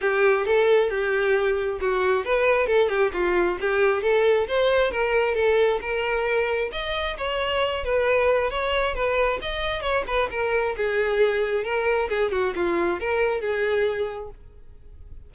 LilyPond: \new Staff \with { instrumentName = "violin" } { \time 4/4 \tempo 4 = 134 g'4 a'4 g'2 | fis'4 b'4 a'8 g'8 f'4 | g'4 a'4 c''4 ais'4 | a'4 ais'2 dis''4 |
cis''4. b'4. cis''4 | b'4 dis''4 cis''8 b'8 ais'4 | gis'2 ais'4 gis'8 fis'8 | f'4 ais'4 gis'2 | }